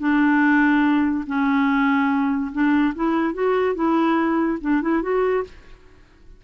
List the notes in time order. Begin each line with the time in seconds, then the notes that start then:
0.00 D4
1.27 C#4
2.53 D4
2.96 E4
3.34 F#4
3.76 E4
4.62 D4
4.82 E4
5.02 F#4